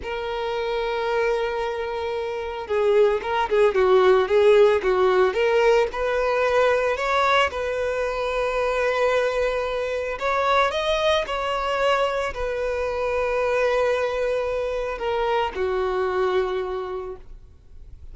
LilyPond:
\new Staff \with { instrumentName = "violin" } { \time 4/4 \tempo 4 = 112 ais'1~ | ais'4 gis'4 ais'8 gis'8 fis'4 | gis'4 fis'4 ais'4 b'4~ | b'4 cis''4 b'2~ |
b'2. cis''4 | dis''4 cis''2 b'4~ | b'1 | ais'4 fis'2. | }